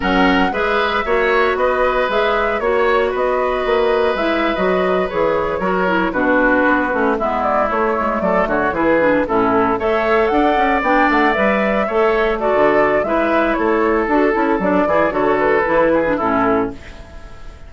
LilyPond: <<
  \new Staff \with { instrumentName = "flute" } { \time 4/4 \tempo 4 = 115 fis''4 e''2 dis''4 | e''4 cis''4 dis''2 | e''8. dis''4 cis''2 b'16~ | b'4.~ b'16 e''8 d''8 cis''4 d''16~ |
d''16 cis''8 b'4 a'4 e''4 fis''16~ | fis''8. g''8 fis''8 e''2 d''16~ | d''4 e''4 cis''4 a'4 | d''4 cis''8 b'4. a'4 | }
  \new Staff \with { instrumentName = "oboe" } { \time 4/4 ais'4 b'4 cis''4 b'4~ | b'4 cis''4 b'2~ | b'2~ b'8. ais'4 fis'16~ | fis'4.~ fis'16 e'2 a'16~ |
a'16 fis'8 gis'4 e'4 cis''4 d''16~ | d''2~ d''8. cis''4 a'16~ | a'4 b'4 a'2~ | a'8 gis'8 a'4. gis'8 e'4 | }
  \new Staff \with { instrumentName = "clarinet" } { \time 4/4 cis'4 gis'4 fis'2 | gis'4 fis'2. | e'8. fis'4 gis'4 fis'8 e'8 d'16~ | d'4~ d'16 cis'8 b4 a4~ a16~ |
a8. e'8 d'8 cis'4 a'4~ a'16~ | a'8. d'4 b'4 a'4 fis'16~ | fis'4 e'2 fis'8 e'8 | d'8 e'8 fis'4 e'8. d'16 cis'4 | }
  \new Staff \with { instrumentName = "bassoon" } { \time 4/4 fis4 gis4 ais4 b4 | gis4 ais4 b4 ais4 | gis8. fis4 e4 fis4 b,16~ | b,8. b8 a8 gis4 a8 gis8 fis16~ |
fis16 d8 e4 a,4 a4 d'16~ | d'16 cis'8 b8 a8 g4 a4~ a16 | d4 gis4 a4 d'8 cis'8 | fis8 e8 d4 e4 a,4 | }
>>